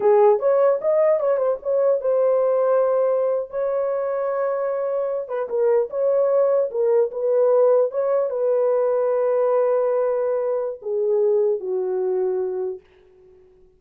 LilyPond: \new Staff \with { instrumentName = "horn" } { \time 4/4 \tempo 4 = 150 gis'4 cis''4 dis''4 cis''8 c''8 | cis''4 c''2.~ | c''8. cis''2.~ cis''16~ | cis''4~ cis''16 b'8 ais'4 cis''4~ cis''16~ |
cis''8. ais'4 b'2 cis''16~ | cis''8. b'2.~ b'16~ | b'2. gis'4~ | gis'4 fis'2. | }